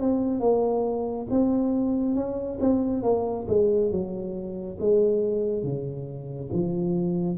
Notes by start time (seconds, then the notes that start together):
0.00 C4
0.40 A#3
1.30 C4
2.15 C#4
2.60 C4
3.03 A#3
3.48 G#3
3.91 F#3
4.80 G#3
5.63 C#3
6.52 F3